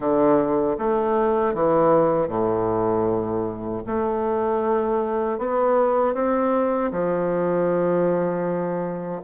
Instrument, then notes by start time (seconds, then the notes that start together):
bassoon
0.00 D3
0.78 A3
1.53 E3
2.28 A2
3.86 A3
5.38 B3
6.14 C4
6.91 F3